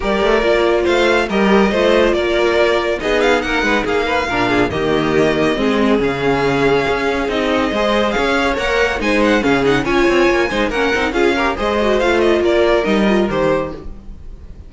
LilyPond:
<<
  \new Staff \with { instrumentName = "violin" } { \time 4/4 \tempo 4 = 140 d''2 f''4 dis''4~ | dis''4 d''2 dis''8 f''8 | fis''4 f''2 dis''4~ | dis''2 f''2~ |
f''4 dis''2 f''4 | fis''4 gis''8 fis''8 f''8 fis''8 gis''4~ | gis''4 fis''4 f''4 dis''4 | f''8 dis''8 d''4 dis''4 c''4 | }
  \new Staff \with { instrumentName = "violin" } { \time 4/4 ais'2 c''4 ais'4 | c''4 ais'2 gis'4 | ais'8 b'8 gis'8 b'8 ais'8 gis'8 g'4~ | g'4 gis'2.~ |
gis'2 c''4 cis''4~ | cis''4 c''4 gis'4 cis''4~ | cis''8 c''8 ais'4 gis'8 ais'8 c''4~ | c''4 ais'2. | }
  \new Staff \with { instrumentName = "viola" } { \time 4/4 g'4 f'2 g'4 | f'2. dis'4~ | dis'2 d'4 ais4~ | ais4 c'4 cis'2~ |
cis'4 dis'4 gis'2 | ais'4 dis'4 cis'8 dis'8 f'4~ | f'8 dis'8 cis'8 dis'8 f'8 g'8 gis'8 fis'8 | f'2 dis'8 f'8 g'4 | }
  \new Staff \with { instrumentName = "cello" } { \time 4/4 g8 a8 ais4 a4 g4 | a4 ais2 b4 | ais8 gis8 ais4 ais,4 dis4~ | dis4 gis4 cis2 |
cis'4 c'4 gis4 cis'4 | ais4 gis4 cis4 cis'8 c'8 | ais8 gis8 ais8 c'8 cis'4 gis4 | a4 ais4 g4 dis4 | }
>>